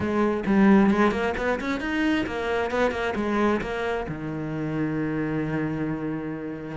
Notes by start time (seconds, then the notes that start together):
0.00 G#3
0.46 G3
0.90 G#3
1.11 A#3
1.37 B3
1.60 C#4
1.80 D#4
2.26 A#3
2.70 B3
2.91 A#3
3.15 G#3
3.61 A#3
4.08 D#3